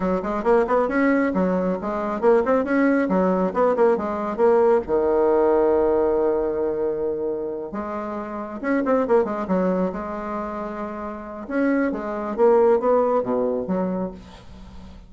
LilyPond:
\new Staff \with { instrumentName = "bassoon" } { \time 4/4 \tempo 4 = 136 fis8 gis8 ais8 b8 cis'4 fis4 | gis4 ais8 c'8 cis'4 fis4 | b8 ais8 gis4 ais4 dis4~ | dis1~ |
dis4. gis2 cis'8 | c'8 ais8 gis8 fis4 gis4.~ | gis2 cis'4 gis4 | ais4 b4 b,4 fis4 | }